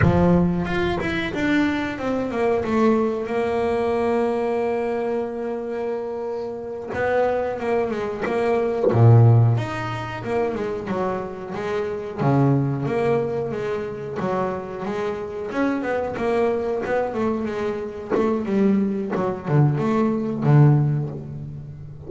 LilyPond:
\new Staff \with { instrumentName = "double bass" } { \time 4/4 \tempo 4 = 91 f4 f'8 e'8 d'4 c'8 ais8 | a4 ais2.~ | ais2~ ais8 b4 ais8 | gis8 ais4 ais,4 dis'4 ais8 |
gis8 fis4 gis4 cis4 ais8~ | ais8 gis4 fis4 gis4 cis'8 | b8 ais4 b8 a8 gis4 a8 | g4 fis8 d8 a4 d4 | }